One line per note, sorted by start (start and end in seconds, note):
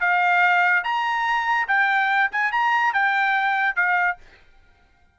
0.00 0.83 F5
0.84 1.67 A#5
1.68 2.30 G5
2.31 2.52 G#5
2.52 2.93 A#5
2.93 3.76 G5
3.76 4.17 F5